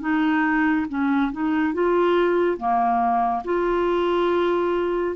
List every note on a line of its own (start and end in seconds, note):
0.00 0.86 D#4
0.88 1.31 C#4
1.32 1.73 D#4
1.73 2.57 F4
2.57 3.42 A#3
3.44 5.16 F4